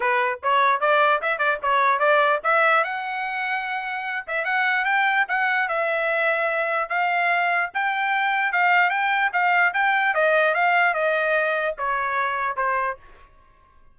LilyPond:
\new Staff \with { instrumentName = "trumpet" } { \time 4/4 \tempo 4 = 148 b'4 cis''4 d''4 e''8 d''8 | cis''4 d''4 e''4 fis''4~ | fis''2~ fis''8 e''8 fis''4 | g''4 fis''4 e''2~ |
e''4 f''2 g''4~ | g''4 f''4 g''4 f''4 | g''4 dis''4 f''4 dis''4~ | dis''4 cis''2 c''4 | }